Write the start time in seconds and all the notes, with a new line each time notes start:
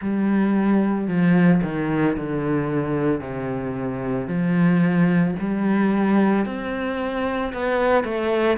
0.01 G3
1.07 F3
1.63 D#3
2.17 D3
3.20 C3
4.27 F3
5.39 G3
6.45 C4
7.53 B3
8.04 A3